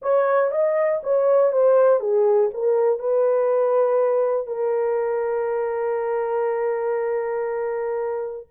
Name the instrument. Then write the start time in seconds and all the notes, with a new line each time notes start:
horn
0.02 C#5
0.51 D#5
1.03 C#5
1.52 C5
2.00 G#4
2.53 A#4
2.99 B4
4.46 A#4